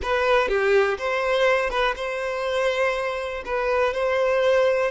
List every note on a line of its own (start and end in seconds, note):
0.02 0.48 B4
0.48 0.97 G4
0.98 1.70 C5
1.70 1.94 B4
1.96 3.43 C5
3.45 3.93 B4
3.93 4.91 C5